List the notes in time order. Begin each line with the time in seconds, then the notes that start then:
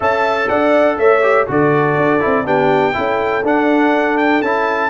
0.00 C#4 A4 E5 A5
0.48 D4 D5 F#5
0.98 A3 C#5 E5
1.22 G4
1.47 D3 F#4 A4 D5
1.96 D4
2.20 C4 E4
2.44 B3 D4 G4 G5
2.93 C#4 E4 A4
3.43 D4 F#5
4.17 G5
4.41 C#4 E4 A5